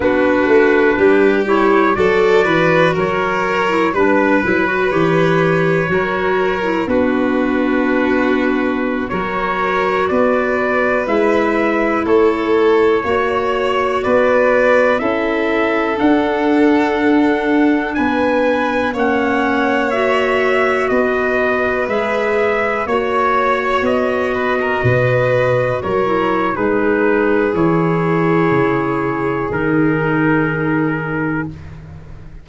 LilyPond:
<<
  \new Staff \with { instrumentName = "trumpet" } { \time 4/4 \tempo 4 = 61 b'4. cis''8 d''4 cis''4 | b'4 cis''2 b'4~ | b'4~ b'16 cis''4 d''4 e''8.~ | e''16 cis''2 d''4 e''8.~ |
e''16 fis''2 gis''4 fis''8.~ | fis''16 e''4 dis''4 e''4 cis''8.~ | cis''16 dis''2 cis''8. b'4 | cis''2 ais'2 | }
  \new Staff \with { instrumentName = "violin" } { \time 4/4 fis'4 g'4 a'8 b'8 ais'4 | b'2 ais'4 fis'4~ | fis'4~ fis'16 ais'4 b'4.~ b'16~ | b'16 a'4 cis''4 b'4 a'8.~ |
a'2~ a'16 b'4 cis''8.~ | cis''4~ cis''16 b'2 cis''8.~ | cis''8. b'16 ais'16 b'4 ais'8. gis'4~ | gis'1 | }
  \new Staff \with { instrumentName = "clarinet" } { \time 4/4 d'4. e'8 fis'4.~ fis'16 e'16 | d'8 e'16 fis'16 g'4 fis'8. e'16 d'4~ | d'4~ d'16 fis'2 e'8.~ | e'4~ e'16 fis'2 e'8.~ |
e'16 d'2. cis'8.~ | cis'16 fis'2 gis'4 fis'8.~ | fis'2~ fis'8 e'8 dis'4 | e'2 dis'2 | }
  \new Staff \with { instrumentName = "tuba" } { \time 4/4 b8 a8 g4 fis8 e8 fis4 | g8 fis8 e4 fis4 b4~ | b4~ b16 fis4 b4 gis8.~ | gis16 a4 ais4 b4 cis'8.~ |
cis'16 d'2 b4 ais8.~ | ais4~ ais16 b4 gis4 ais8.~ | ais16 b4 b,4 fis8. gis4 | e4 cis4 dis2 | }
>>